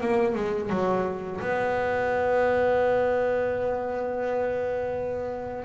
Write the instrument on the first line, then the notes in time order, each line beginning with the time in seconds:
double bass
0.00 A#3
0.34 G#3
0.69 F#3
1.40 B3